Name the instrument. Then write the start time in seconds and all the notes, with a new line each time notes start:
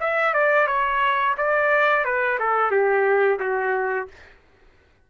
trumpet
0.00 E5
0.33 D5
0.67 C#5
1.37 D5
2.05 B4
2.39 A4
2.71 G4
3.39 F#4